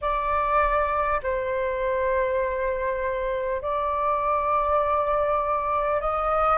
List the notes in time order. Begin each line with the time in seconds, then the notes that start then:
0.01 D5
1.22 C5
3.61 D5
6.01 D#5